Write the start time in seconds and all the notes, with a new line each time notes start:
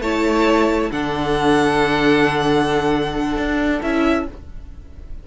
0.00 A3 E4 C#5 A5
0.90 D3 D4 A4 F#5
3.37 D4
3.82 C#4 E4 E5